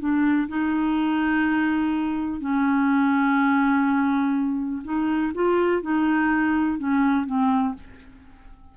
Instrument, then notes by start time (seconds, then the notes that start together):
clarinet
0.00 D4
0.49 D#4
2.41 C#4
4.84 D#4
5.35 F4
5.83 D#4
6.79 C#4
7.27 C4